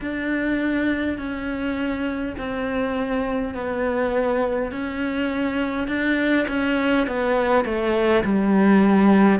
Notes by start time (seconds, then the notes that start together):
0.00 D4
1.18 C#4
2.37 C4
3.54 B3
4.71 C#4
5.87 D4
6.48 C#4
7.07 B3
7.65 A3
8.24 G3